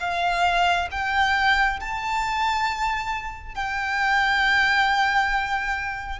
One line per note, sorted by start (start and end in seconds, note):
0.00 0.88 F5
0.91 1.80 G5
1.80 3.55 A5
3.55 6.20 G5